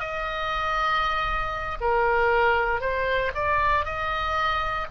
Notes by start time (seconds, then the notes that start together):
0.00 D#5
1.81 A#4
2.81 C5
3.35 D5
3.86 D#5